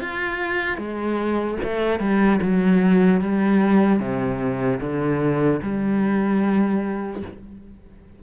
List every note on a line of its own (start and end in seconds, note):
0.00 0.77 F4
0.77 1.57 G#3
1.63 1.99 A3
1.99 2.39 G3
2.41 3.20 F#3
3.20 3.99 G3
3.99 4.79 C3
4.80 5.60 D3
5.62 7.22 G3